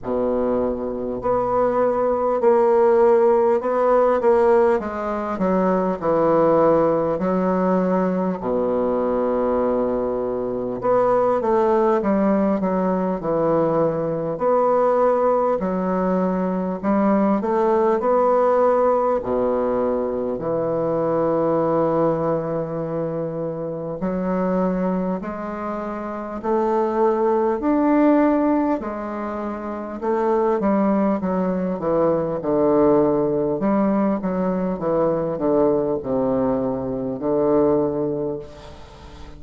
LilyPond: \new Staff \with { instrumentName = "bassoon" } { \time 4/4 \tempo 4 = 50 b,4 b4 ais4 b8 ais8 | gis8 fis8 e4 fis4 b,4~ | b,4 b8 a8 g8 fis8 e4 | b4 fis4 g8 a8 b4 |
b,4 e2. | fis4 gis4 a4 d'4 | gis4 a8 g8 fis8 e8 d4 | g8 fis8 e8 d8 c4 d4 | }